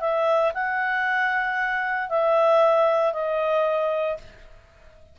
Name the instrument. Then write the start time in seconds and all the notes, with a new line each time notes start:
clarinet
0.00 E5
0.53 F#5
2.09 E5
3.13 D#5